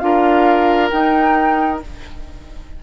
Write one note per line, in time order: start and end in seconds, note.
0.00 0.91 D4
0.00 0.91 F4
0.00 1.84 A#4
0.00 0.90 F5
0.90 1.82 D#4
0.90 1.80 G5